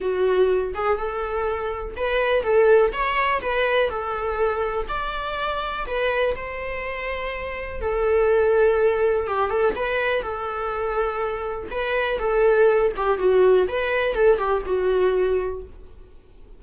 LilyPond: \new Staff \with { instrumentName = "viola" } { \time 4/4 \tempo 4 = 123 fis'4. gis'8 a'2 | b'4 a'4 cis''4 b'4 | a'2 d''2 | b'4 c''2. |
a'2. g'8 a'8 | b'4 a'2. | b'4 a'4. g'8 fis'4 | b'4 a'8 g'8 fis'2 | }